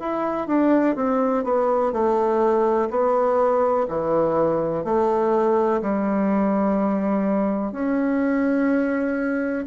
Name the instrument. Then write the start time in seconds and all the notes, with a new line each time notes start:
bassoon
0.00 E4
0.48 D4
0.96 C4
1.45 B3
1.93 A3
2.91 B3
3.89 E3
4.85 A3
5.82 G3
7.72 C#4